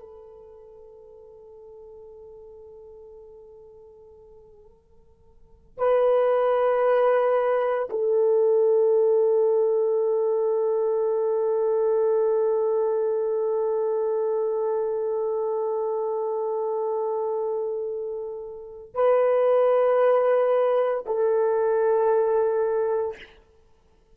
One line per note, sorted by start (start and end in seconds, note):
0.00 5.78 A4
5.78 7.89 B4
7.90 18.95 A4
18.95 21.05 B4
21.06 23.17 A4